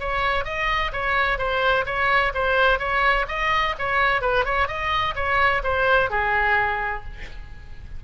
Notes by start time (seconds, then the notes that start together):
0.00 C#5
0.45 D#5
0.93 C#5
1.38 C5
1.86 C#5
2.34 C5
2.79 C#5
3.28 D#5
3.79 C#5
4.22 B4
4.46 C#5
4.68 D#5
5.16 C#5
5.64 C5
6.10 G#4